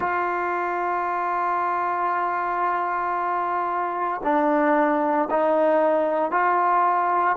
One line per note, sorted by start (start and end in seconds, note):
0.00 4.21 F4
4.23 5.29 D4
5.30 6.31 D#4
6.31 7.36 F4